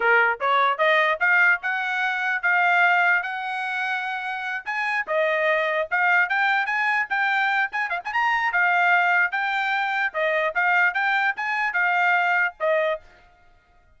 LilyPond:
\new Staff \with { instrumentName = "trumpet" } { \time 4/4 \tempo 4 = 148 ais'4 cis''4 dis''4 f''4 | fis''2 f''2 | fis''2.~ fis''8 gis''8~ | gis''8 dis''2 f''4 g''8~ |
g''8 gis''4 g''4. gis''8 f''16 gis''16 | ais''4 f''2 g''4~ | g''4 dis''4 f''4 g''4 | gis''4 f''2 dis''4 | }